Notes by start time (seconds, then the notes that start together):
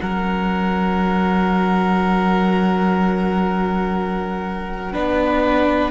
0.00 F#3 C#4 A#4 F#5
4.93 B3 D4 B4